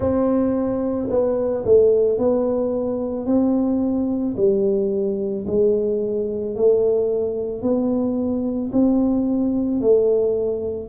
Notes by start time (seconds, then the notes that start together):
0.00 C4
1.10 B3
1.65 A3
2.18 B3
3.26 C4
4.36 G3
5.46 G#3
6.55 A3
7.62 B3
8.72 C4
9.80 A3